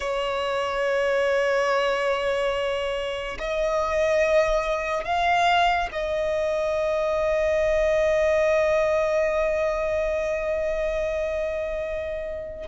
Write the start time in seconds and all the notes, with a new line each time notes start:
0.00 C#5
3.38 D#5
5.04 F5
5.92 D#5